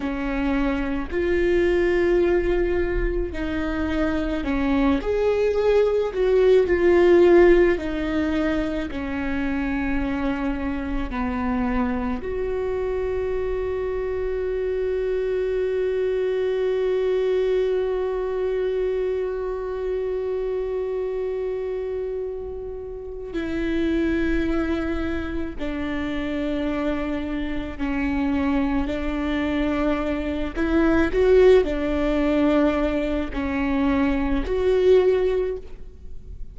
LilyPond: \new Staff \with { instrumentName = "viola" } { \time 4/4 \tempo 4 = 54 cis'4 f'2 dis'4 | cis'8 gis'4 fis'8 f'4 dis'4 | cis'2 b4 fis'4~ | fis'1~ |
fis'1~ | fis'4 e'2 d'4~ | d'4 cis'4 d'4. e'8 | fis'8 d'4. cis'4 fis'4 | }